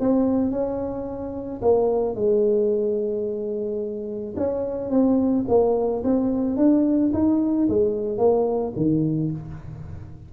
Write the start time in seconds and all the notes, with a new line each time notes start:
0.00 C4
0.51 C#4
1.62 A#3
2.15 G#3
4.37 C#4
4.90 C4
5.48 A#3
6.04 C4
6.57 D4
7.13 D#4
7.69 G#3
8.18 A#3
8.76 D#3